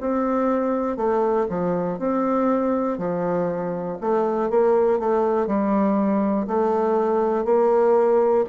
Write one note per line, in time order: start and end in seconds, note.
0.00 0.97 C4
0.97 1.47 A3
1.49 1.99 F3
1.99 2.98 C4
2.98 3.98 F3
4.00 4.50 A3
4.50 4.99 A#3
4.99 5.47 A3
5.47 6.47 G3
6.47 7.45 A3
7.45 8.45 A#3